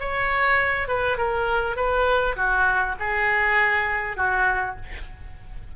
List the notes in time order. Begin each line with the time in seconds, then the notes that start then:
0.00 C#5
0.88 B4
1.17 A#4
1.76 B4
2.36 F#4
2.99 G#4
4.17 F#4